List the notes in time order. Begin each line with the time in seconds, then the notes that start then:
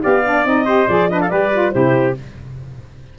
0.00 B3 G4 D5 F5
0.24 D4
0.45 C4 D#4 D#5
0.65 G4 C5
0.87 F3 G#4 D5
1.09 D4 B4 D#5
1.20 A4 F5
1.28 G3 G4 B4 D5
1.52 F4
1.71 C3 E4 G4 C5